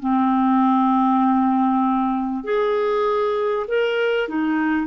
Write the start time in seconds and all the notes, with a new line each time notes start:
0.00 C4
2.44 G#4
3.68 A#4
4.29 D#4